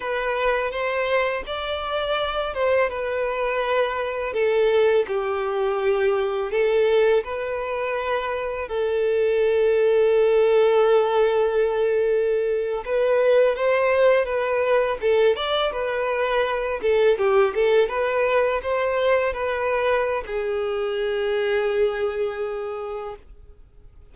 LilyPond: \new Staff \with { instrumentName = "violin" } { \time 4/4 \tempo 4 = 83 b'4 c''4 d''4. c''8 | b'2 a'4 g'4~ | g'4 a'4 b'2 | a'1~ |
a'4.~ a'16 b'4 c''4 b'16~ | b'8. a'8 d''8 b'4. a'8 g'16~ | g'16 a'8 b'4 c''4 b'4~ b'16 | gis'1 | }